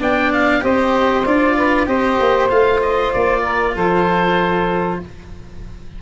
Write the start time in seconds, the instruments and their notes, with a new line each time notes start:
0.00 tuba B3, cello D4, saxophone D5, oboe G5
0.33 oboe F5
0.61 tuba C4, cello G4, saxophone C5, oboe D#5
1.26 tuba D4, cello F4, oboe D5
1.57 saxophone B4
1.86 tuba C4, cello G4, saxophone C5, oboe D#5
2.20 tuba A#3
2.49 tuba A3, cello F4, oboe F5
2.82 oboe D#5
3.13 tuba A#3, oboe D5
3.42 saxophone A#4
3.75 tuba F3, saxophone A4, oboe C5